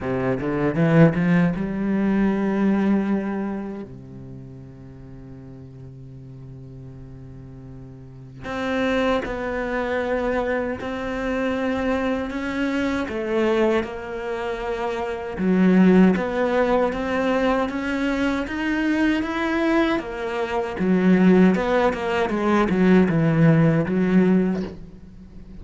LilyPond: \new Staff \with { instrumentName = "cello" } { \time 4/4 \tempo 4 = 78 c8 d8 e8 f8 g2~ | g4 c2.~ | c2. c'4 | b2 c'2 |
cis'4 a4 ais2 | fis4 b4 c'4 cis'4 | dis'4 e'4 ais4 fis4 | b8 ais8 gis8 fis8 e4 fis4 | }